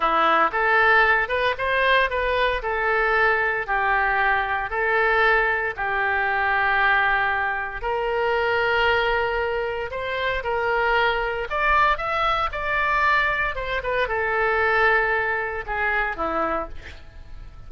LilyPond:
\new Staff \with { instrumentName = "oboe" } { \time 4/4 \tempo 4 = 115 e'4 a'4. b'8 c''4 | b'4 a'2 g'4~ | g'4 a'2 g'4~ | g'2. ais'4~ |
ais'2. c''4 | ais'2 d''4 e''4 | d''2 c''8 b'8 a'4~ | a'2 gis'4 e'4 | }